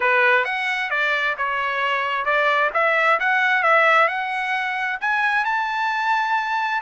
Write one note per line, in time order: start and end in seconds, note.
0.00 0.44 B4
0.44 0.90 F#5
0.90 1.35 D5
1.37 2.25 C#5
2.25 2.70 D5
2.73 3.19 E5
3.19 3.62 F#5
3.62 4.08 E5
4.08 4.99 F#5
5.00 5.44 G#5
5.44 6.81 A5